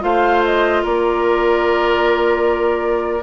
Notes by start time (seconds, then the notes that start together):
0.00 A3 F4 C5 F5
0.44 D#5
0.83 A#3 A#4 D5